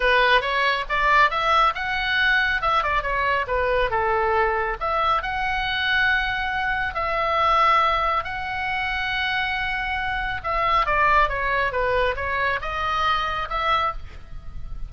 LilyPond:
\new Staff \with { instrumentName = "oboe" } { \time 4/4 \tempo 4 = 138 b'4 cis''4 d''4 e''4 | fis''2 e''8 d''8 cis''4 | b'4 a'2 e''4 | fis''1 |
e''2. fis''4~ | fis''1 | e''4 d''4 cis''4 b'4 | cis''4 dis''2 e''4 | }